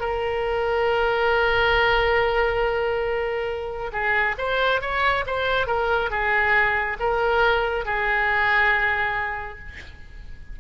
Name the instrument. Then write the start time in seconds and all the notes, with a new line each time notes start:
oboe
0.00 A#4
3.92 G#4
4.38 C5
4.82 C#5
5.27 C5
5.67 A#4
6.10 G#4
7.00 A#4
7.85 G#4